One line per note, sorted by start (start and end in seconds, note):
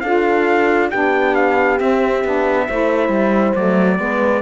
0.00 0.91 D4
0.00 0.91 F4
0.00 0.90 A4
0.00 0.88 F5
0.90 1.80 B3
0.90 1.78 D4
0.90 2.66 G4
0.90 1.35 G5
1.35 1.79 F5
1.78 2.23 C4
1.78 2.24 C4
1.78 3.55 E5
2.24 2.68 B3
2.24 2.68 D4
2.67 3.08 A3
2.67 3.55 E4
2.67 3.99 C5
3.08 3.52 G3
3.55 3.99 F#3
3.55 3.97 A3
3.55 4.42 D5
3.97 4.42 G#3
3.97 4.41 B3
3.97 4.42 B4